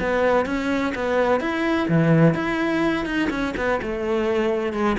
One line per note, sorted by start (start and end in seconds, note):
0.00 0.46 B3
0.46 0.93 C#4
0.95 1.40 B3
1.40 1.88 E4
1.89 2.34 E3
2.34 3.05 E4
3.05 3.29 D#4
3.30 3.54 C#4
3.57 3.81 B3
3.82 4.73 A3
4.73 4.97 G#3